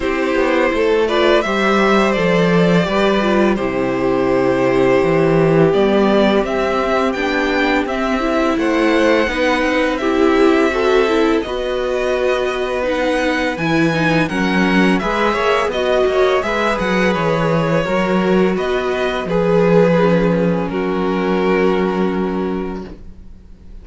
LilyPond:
<<
  \new Staff \with { instrumentName = "violin" } { \time 4/4 \tempo 4 = 84 c''4. d''8 e''4 d''4~ | d''4 c''2. | d''4 e''4 g''4 e''4 | fis''2 e''2 |
dis''2 fis''4 gis''4 | fis''4 e''4 dis''4 e''8 fis''8 | cis''2 dis''4 b'4~ | b'4 ais'2. | }
  \new Staff \with { instrumentName = "violin" } { \time 4/4 g'4 a'8 b'8 c''2 | b'4 g'2.~ | g'1 | c''4 b'4 g'4 a'4 |
b'1 | ais'4 b'8 cis''8 dis''8 cis''8 b'4~ | b'4 ais'4 b'4 gis'4~ | gis'4 fis'2. | }
  \new Staff \with { instrumentName = "viola" } { \time 4/4 e'4. f'8 g'4 a'4 | g'8 f'8 e'2. | b4 c'4 d'4 c'8 e'8~ | e'4 dis'4 e'4 fis'8 e'8 |
fis'2 dis'4 e'8 dis'8 | cis'4 gis'4 fis'4 gis'4~ | gis'4 fis'2 gis'4 | cis'1 | }
  \new Staff \with { instrumentName = "cello" } { \time 4/4 c'8 b8 a4 g4 f4 | g4 c2 e4 | g4 c'4 b4 c'4 | a4 b8 c'2~ c'8 |
b2. e4 | fis4 gis8 ais8 b8 ais8 gis8 fis8 | e4 fis4 b4 f4~ | f4 fis2. | }
>>